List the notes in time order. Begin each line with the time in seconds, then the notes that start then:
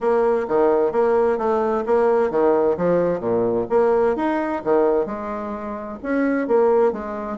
0.00 A#3
0.48 D#3
0.92 A#3
1.37 A3
1.85 A#3
2.30 D#3
2.77 F3
3.20 A#2
3.69 A#3
4.16 D#4
4.64 D#3
5.06 G#3
6.02 C#4
6.47 A#3
6.92 G#3